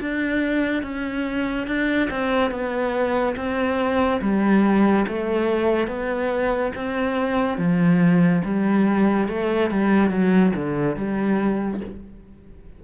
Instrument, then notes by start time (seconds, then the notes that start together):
cello
0.00 D4
0.82 C#4
1.66 D4
2.10 C4
2.50 B3
3.36 C4
4.21 G3
5.07 A3
5.87 B3
6.75 C4
7.57 F3
8.44 G3
9.28 A3
9.70 G3
10.10 F#3
10.55 D3
10.96 G3